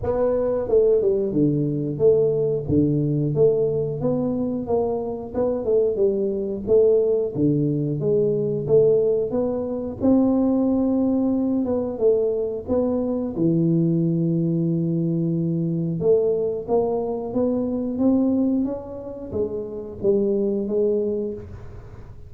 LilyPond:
\new Staff \with { instrumentName = "tuba" } { \time 4/4 \tempo 4 = 90 b4 a8 g8 d4 a4 | d4 a4 b4 ais4 | b8 a8 g4 a4 d4 | gis4 a4 b4 c'4~ |
c'4. b8 a4 b4 | e1 | a4 ais4 b4 c'4 | cis'4 gis4 g4 gis4 | }